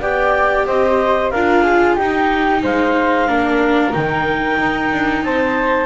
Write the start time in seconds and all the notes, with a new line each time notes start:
0.00 B3 G4 D5 G5
0.66 C4 C5 D#5
1.30 D4 F4 A#4 F5
1.62 G#4
1.95 D#4 G4 G5
2.62 G#3 C5 F5
3.27 A#3 D4 A#4
3.91 D#3 D#4 G5
4.58 D#4
4.92 D4
5.23 C4 C5 A5